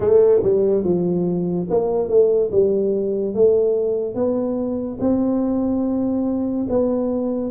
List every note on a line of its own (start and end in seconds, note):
0.00 0.42 A3
0.43 0.84 G3
0.84 1.67 F3
1.69 2.08 A#3
2.08 2.50 A3
2.52 3.34 G3
3.34 4.14 A3
4.14 4.98 B3
5.00 6.66 C4
6.69 7.50 B3